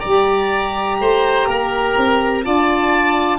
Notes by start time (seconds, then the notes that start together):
0.00 G3 G4 D5 A#5
1.00 A3 C5
1.47 A#3 A#4
1.97 C4
2.42 D4 F4 D5 A5